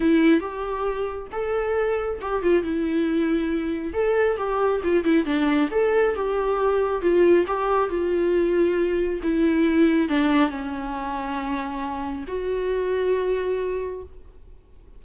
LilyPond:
\new Staff \with { instrumentName = "viola" } { \time 4/4 \tempo 4 = 137 e'4 g'2 a'4~ | a'4 g'8 f'8 e'2~ | e'4 a'4 g'4 f'8 e'8 | d'4 a'4 g'2 |
f'4 g'4 f'2~ | f'4 e'2 d'4 | cis'1 | fis'1 | }